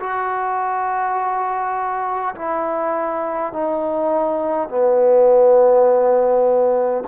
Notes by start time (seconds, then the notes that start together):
0.00 F#4
2.35 E4
3.53 D#4
4.69 B3